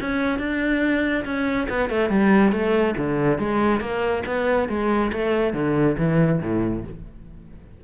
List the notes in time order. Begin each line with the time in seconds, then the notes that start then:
0.00 C#4
0.38 D4
1.24 C#4
1.69 B3
1.89 A3
2.09 G3
2.51 A3
2.97 D3
3.38 G#3
3.80 A#3
4.26 B3
4.68 G#3
5.12 A3
5.53 D3
5.98 E3
6.41 A2